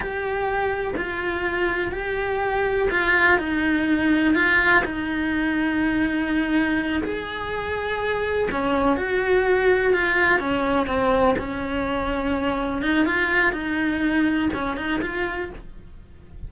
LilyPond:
\new Staff \with { instrumentName = "cello" } { \time 4/4 \tempo 4 = 124 g'2 f'2 | g'2 f'4 dis'4~ | dis'4 f'4 dis'2~ | dis'2~ dis'8 gis'4.~ |
gis'4. cis'4 fis'4.~ | fis'8 f'4 cis'4 c'4 cis'8~ | cis'2~ cis'8 dis'8 f'4 | dis'2 cis'8 dis'8 f'4 | }